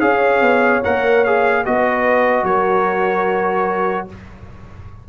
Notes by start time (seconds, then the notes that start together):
0.00 C#4 G#4 C#5 F5
0.41 B3
0.84 A#3 A#4 F#5
1.24 G#4 F5
1.65 B3 F#4 B4 D#5
2.43 F#3 A#4 C#5